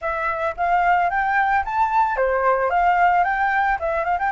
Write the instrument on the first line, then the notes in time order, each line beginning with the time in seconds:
flute
0.01 E5
0.56 F5
1.10 G5
1.64 A5
2.16 C5
2.70 F5
3.24 G5
3.79 E5
4.04 F5
4.18 G5